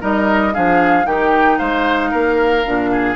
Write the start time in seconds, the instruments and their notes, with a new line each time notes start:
0.00 bassoon G3, clarinet D#4, oboe A#4, flute D#5
0.54 bassoon F3, clarinet D4, oboe G#4, flute F5
1.04 bassoon D#3, clarinet D#4, oboe G4, flute G5
1.58 bassoon G#3, oboe C5, flute F5
2.11 bassoon A#3, oboe A#4
2.65 bassoon A#2, clarinet D4
2.92 oboe G#4